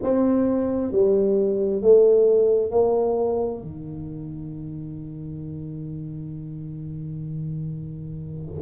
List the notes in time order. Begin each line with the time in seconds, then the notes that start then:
0.02 C4
0.91 G3
1.81 A3
2.70 A#3
3.61 D#3